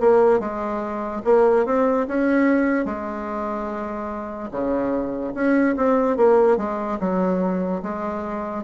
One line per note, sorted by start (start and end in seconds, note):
0.00 0.40 A#3
0.40 1.22 G#3
1.24 1.66 A#3
1.66 2.07 C4
2.08 2.85 C#4
2.85 4.50 G#3
4.51 5.33 C#3
5.35 5.76 C#4
5.76 6.17 C4
6.17 6.58 A#3
6.58 6.99 G#3
7.00 7.82 F#3
7.82 8.63 G#3